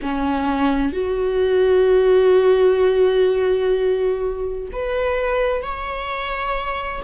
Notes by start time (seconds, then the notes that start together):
0.02 C#4
0.92 F#4
4.72 B4
5.62 C#5